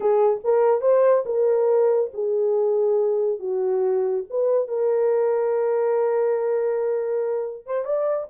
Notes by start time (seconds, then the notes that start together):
0.00 G#4
0.44 A#4
0.81 C5
1.25 A#4
2.13 G#4
3.39 F#4
4.30 B4
4.68 A#4
7.66 C5
7.84 D5